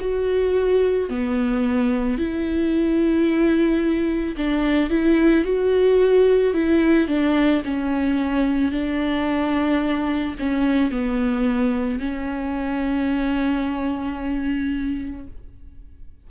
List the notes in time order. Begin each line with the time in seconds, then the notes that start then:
0.00 F#4
1.09 B3
2.18 E4
4.37 D4
4.90 E4
5.44 F#4
6.54 E4
7.08 D4
7.64 C#4
8.72 D4
10.39 C#4
10.91 B3
12.00 C#4